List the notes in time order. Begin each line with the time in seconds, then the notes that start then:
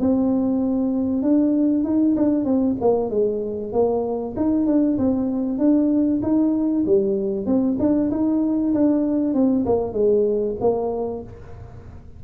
0.00 C4
1.22 D4
1.84 D#4
2.16 D4
2.45 C4
2.81 A#3
3.10 G#3
3.72 A#3
4.36 D#4
4.66 D4
4.98 C4
5.58 D4
6.22 D#4
6.86 G3
7.46 C4
7.79 D4
8.11 D#4
8.74 D4
9.34 C4
9.66 A#3
9.93 G#3
10.61 A#3